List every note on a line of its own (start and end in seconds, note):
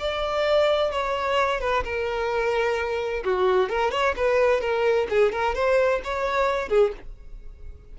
0.00 0.92 D5
0.92 1.61 C#5
1.61 1.84 B4
1.84 3.24 A#4
3.25 3.70 F#4
3.70 3.92 A#4
3.92 4.15 C#5
4.17 4.61 B4
4.61 5.08 A#4
5.10 5.32 G#4
5.32 5.55 A#4
5.55 6.02 C5
6.04 6.69 C#5
6.69 6.92 G#4